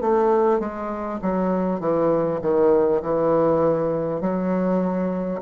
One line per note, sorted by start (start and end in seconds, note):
0.00 0.59 A3
0.59 1.19 G#3
1.22 1.80 F#3
1.80 2.40 E3
2.41 3.01 D#3
3.02 4.21 E3
4.21 5.41 F#3